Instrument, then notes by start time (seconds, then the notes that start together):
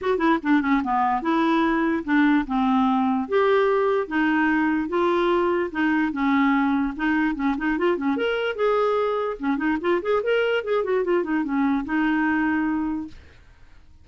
clarinet
0.01 F#4
0.17 E4
0.42 D4
0.61 C#4
0.83 B3
1.22 E4
2.04 D4
2.46 C4
3.28 G4
4.07 D#4
4.88 F4
5.71 D#4
6.12 C#4
6.96 D#4
7.35 C#4
7.57 D#4
7.78 F4
7.97 C#4
8.16 A#4
8.55 G#4
9.39 C#4
9.57 D#4
9.80 F4
10.02 G#4
10.23 A#4
10.63 G#4
10.84 F#4
11.04 F4
11.23 D#4
11.44 C#4
11.85 D#4